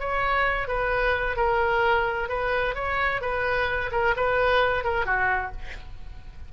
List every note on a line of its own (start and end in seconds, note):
0.00 0.68 C#5
0.68 1.37 B4
1.37 2.29 A#4
2.29 2.75 B4
2.75 3.22 C#5
3.22 3.91 B4
3.92 4.15 A#4
4.17 4.85 B4
4.85 5.06 A#4
5.06 5.52 F#4